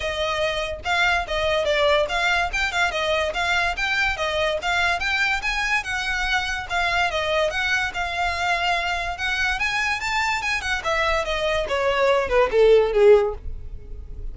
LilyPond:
\new Staff \with { instrumentName = "violin" } { \time 4/4 \tempo 4 = 144 dis''2 f''4 dis''4 | d''4 f''4 g''8 f''8 dis''4 | f''4 g''4 dis''4 f''4 | g''4 gis''4 fis''2 |
f''4 dis''4 fis''4 f''4~ | f''2 fis''4 gis''4 | a''4 gis''8 fis''8 e''4 dis''4 | cis''4. b'8 a'4 gis'4 | }